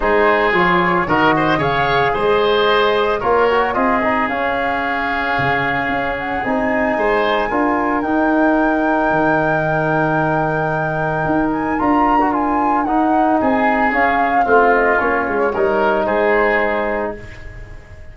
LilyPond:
<<
  \new Staff \with { instrumentName = "flute" } { \time 4/4 \tempo 4 = 112 c''4 cis''4 dis''4 f''4 | dis''2 cis''4 dis''4 | f''2.~ f''8 fis''8 | gis''2. g''4~ |
g''1~ | g''4. gis''8 ais''4 gis''4 | fis''4 gis''4 f''4. dis''8 | cis''2 c''2 | }
  \new Staff \with { instrumentName = "oboe" } { \time 4/4 gis'2 ais'8 c''8 cis''4 | c''2 ais'4 gis'4~ | gis'1~ | gis'4 c''4 ais'2~ |
ais'1~ | ais'1~ | ais'4 gis'2 f'4~ | f'4 ais'4 gis'2 | }
  \new Staff \with { instrumentName = "trombone" } { \time 4/4 dis'4 f'4 fis'4 gis'4~ | gis'2 f'8 fis'8 f'8 dis'8 | cis'1 | dis'2 f'4 dis'4~ |
dis'1~ | dis'2 f'8. fis'16 f'4 | dis'2 cis'4 c'4 | cis'4 dis'2. | }
  \new Staff \with { instrumentName = "tuba" } { \time 4/4 gis4 f4 dis4 cis4 | gis2 ais4 c'4 | cis'2 cis4 cis'4 | c'4 gis4 d'4 dis'4~ |
dis'4 dis2.~ | dis4 dis'4 d'2 | dis'4 c'4 cis'4 a4 | ais8 gis8 g4 gis2 | }
>>